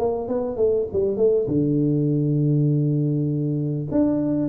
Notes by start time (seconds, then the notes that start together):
0.00 A#3
0.28 B3
0.57 A3
0.93 G3
1.17 A3
1.48 D3
3.92 D4